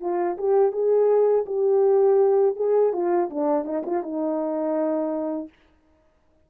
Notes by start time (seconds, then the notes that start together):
0.00 F4
0.37 G4
0.72 G#4
1.46 G4
2.56 G#4
2.92 F4
3.30 D4
3.64 D#4
3.86 F4
4.02 D#4